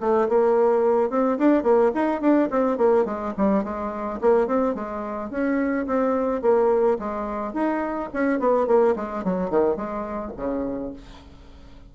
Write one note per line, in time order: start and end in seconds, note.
0.00 0.28 A3
0.28 1.10 A#3
1.10 1.38 C4
1.38 1.63 D4
1.63 1.91 A#3
1.94 2.21 D#4
2.21 2.49 D4
2.50 2.77 C4
2.77 3.05 A#3
3.05 3.33 G#3
3.37 3.64 G3
3.64 4.20 G#3
4.21 4.47 A#3
4.47 4.75 C4
4.75 5.30 G#3
5.30 5.86 C#4
5.87 6.42 C4
6.42 6.98 A#3
6.99 7.53 G#3
7.53 8.10 D#4
8.13 8.39 C#4
8.39 8.67 B3
8.67 8.95 A#3
8.96 9.24 G#3
9.24 9.50 F#3
9.50 9.76 D#3
9.76 10.32 G#3
10.37 10.93 C#3